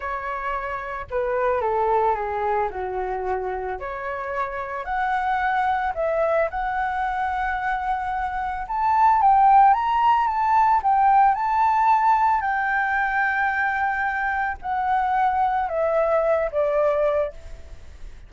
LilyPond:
\new Staff \with { instrumentName = "flute" } { \time 4/4 \tempo 4 = 111 cis''2 b'4 a'4 | gis'4 fis'2 cis''4~ | cis''4 fis''2 e''4 | fis''1 |
a''4 g''4 ais''4 a''4 | g''4 a''2 g''4~ | g''2. fis''4~ | fis''4 e''4. d''4. | }